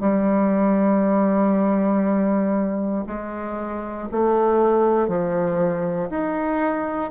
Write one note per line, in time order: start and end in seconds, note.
0.00 3.05 G3
3.07 4.09 G#3
4.12 5.08 A3
5.08 6.10 F3
6.10 7.11 D#4